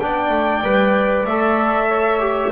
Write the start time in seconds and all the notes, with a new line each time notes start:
0.00 B3 D4 D5 G5
0.30 A3
0.62 G3 B4
1.26 A3 A4 E5
1.88 C#5
2.20 G4